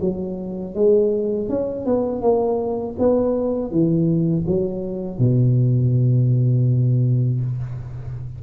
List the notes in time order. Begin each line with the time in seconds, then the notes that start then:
0.00 F#3
0.74 G#3
1.49 C#4
1.85 B3
2.21 A#3
2.98 B3
3.71 E3
4.47 F#3
5.18 B2